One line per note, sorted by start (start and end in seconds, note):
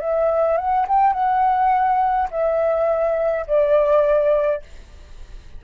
0.00 0.58 E5
0.58 0.87 F#5
0.88 1.13 G5
1.13 2.29 F#5
2.31 3.46 E5
3.47 4.63 D5